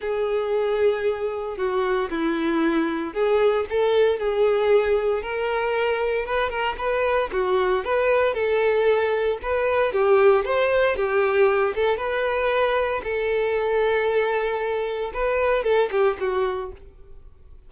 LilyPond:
\new Staff \with { instrumentName = "violin" } { \time 4/4 \tempo 4 = 115 gis'2. fis'4 | e'2 gis'4 a'4 | gis'2 ais'2 | b'8 ais'8 b'4 fis'4 b'4 |
a'2 b'4 g'4 | c''4 g'4. a'8 b'4~ | b'4 a'2.~ | a'4 b'4 a'8 g'8 fis'4 | }